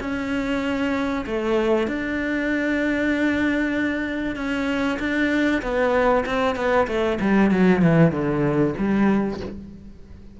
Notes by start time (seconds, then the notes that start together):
0.00 C#4
1.26 A3
1.87 D4
4.36 C#4
4.99 D4
5.62 B3
6.26 C4
6.56 B3
6.87 A3
7.20 G3
7.51 F#3
7.82 E3
8.12 D3
8.78 G3